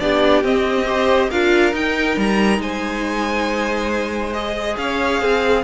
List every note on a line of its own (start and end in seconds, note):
0.00 0.43 B3
0.00 0.43 D4
0.00 0.86 G4
0.00 0.43 D5
0.43 1.30 C4
0.43 0.86 C4
0.43 1.31 D#5
0.86 1.29 G4
0.86 1.29 C5
1.29 1.73 D4
1.29 1.72 F4
1.29 2.60 A#4
1.29 1.74 F5
1.72 4.33 D#4
1.72 2.17 D#4
1.72 2.19 G5
2.17 2.58 G3
2.17 2.61 A#5
2.58 4.76 G#3
2.58 4.79 C5
2.58 4.33 G#5
4.33 5.64 G#4
4.33 4.76 D#5
4.77 5.21 C#4
4.77 5.22 C#5
4.77 5.64 F5
5.21 5.64 C4
5.21 5.64 G#4